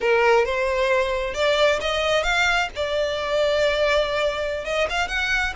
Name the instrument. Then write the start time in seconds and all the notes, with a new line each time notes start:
violin
0.00 A#4
0.45 C5
1.34 D5
1.80 D#5
2.23 F5
2.75 D5
4.64 D#5
4.89 F5
5.08 F#5